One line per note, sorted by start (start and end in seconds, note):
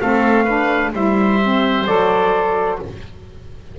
0.00 0.92 A3
0.00 0.47 C4
0.00 0.44 A4
0.00 0.92 F5
0.44 0.93 D4
0.44 0.90 B4
0.92 1.85 G3
0.92 1.39 E4
0.92 2.79 C5
0.92 1.86 E5
1.42 1.86 C4
1.86 2.78 F#3
1.86 2.78 A4
1.86 2.78 D5